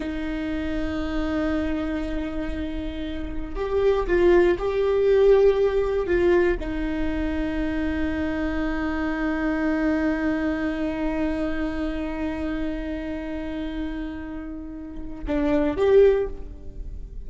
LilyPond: \new Staff \with { instrumentName = "viola" } { \time 4/4 \tempo 4 = 118 dis'1~ | dis'2. g'4 | f'4 g'2. | f'4 dis'2.~ |
dis'1~ | dis'1~ | dis'1~ | dis'2 d'4 g'4 | }